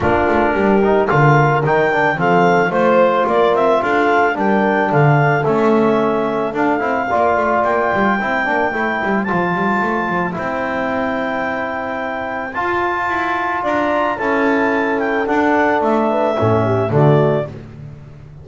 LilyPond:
<<
  \new Staff \with { instrumentName = "clarinet" } { \time 4/4 \tempo 4 = 110 ais'2 f''4 g''4 | f''4 c''4 d''8 e''8 f''4 | g''4 f''4 e''2 | f''2 g''2~ |
g''4 a''2 g''4~ | g''2. a''4~ | a''4 ais''4 a''4. g''8 | fis''4 e''2 d''4 | }
  \new Staff \with { instrumentName = "horn" } { \time 4/4 f'4 g'4 ais'2 | a'4 c''4 ais'4 a'4 | ais'4 a'2.~ | a'4 d''2 c''4~ |
c''1~ | c''1~ | c''4 d''4 a'2~ | a'4. b'8 a'8 g'8 fis'4 | }
  \new Staff \with { instrumentName = "trombone" } { \time 4/4 d'4. dis'8 f'4 dis'8 d'8 | c'4 f'2. | d'2 cis'2 | d'8 e'8 f'2 e'8 d'8 |
e'4 f'2 e'4~ | e'2. f'4~ | f'2 e'2 | d'2 cis'4 a4 | }
  \new Staff \with { instrumentName = "double bass" } { \time 4/4 ais8 a8 g4 d4 dis4 | f4 a4 ais8 c'8 d'4 | g4 d4 a2 | d'8 c'8 ais8 a8 ais8 g8 c'8 ais8 |
a8 g8 f8 g8 a8 f8 c'4~ | c'2. f'4 | e'4 d'4 cis'2 | d'4 a4 a,4 d4 | }
>>